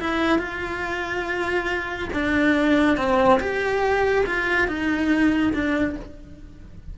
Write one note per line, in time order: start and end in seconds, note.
0.00 0.38 E4
0.38 2.08 F4
2.13 2.97 D4
2.97 3.39 C4
3.40 4.25 G4
4.26 4.68 F4
4.68 5.53 D#4
5.53 5.96 D4